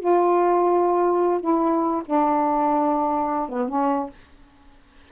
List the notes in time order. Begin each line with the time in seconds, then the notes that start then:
0.00 F4
1.41 E4
2.06 D4
3.50 B3
3.69 C#4